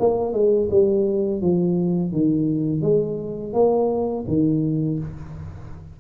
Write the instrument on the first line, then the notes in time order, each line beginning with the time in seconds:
tuba
0.00 A#3
0.33 G#3
0.71 G3
1.42 F3
2.12 D#3
2.82 G#3
3.54 A#3
4.28 D#3